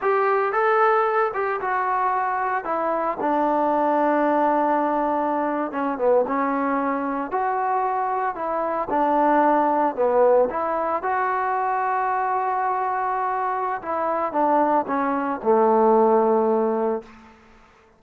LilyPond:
\new Staff \with { instrumentName = "trombone" } { \time 4/4 \tempo 4 = 113 g'4 a'4. g'8 fis'4~ | fis'4 e'4 d'2~ | d'2~ d'8. cis'8 b8 cis'16~ | cis'4.~ cis'16 fis'2 e'16~ |
e'8. d'2 b4 e'16~ | e'8. fis'2.~ fis'16~ | fis'2 e'4 d'4 | cis'4 a2. | }